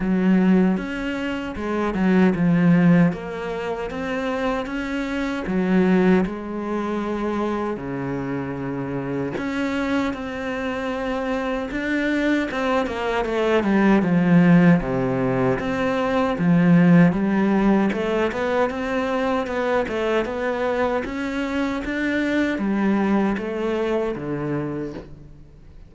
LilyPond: \new Staff \with { instrumentName = "cello" } { \time 4/4 \tempo 4 = 77 fis4 cis'4 gis8 fis8 f4 | ais4 c'4 cis'4 fis4 | gis2 cis2 | cis'4 c'2 d'4 |
c'8 ais8 a8 g8 f4 c4 | c'4 f4 g4 a8 b8 | c'4 b8 a8 b4 cis'4 | d'4 g4 a4 d4 | }